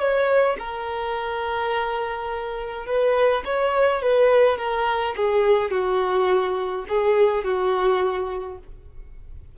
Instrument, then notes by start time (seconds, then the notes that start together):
violin
0.00 C#5
0.59 A#4
2.87 B4
3.46 C#5
4.03 B4
4.58 A#4
5.17 G#4
5.71 F#4
6.89 G#4
7.44 F#4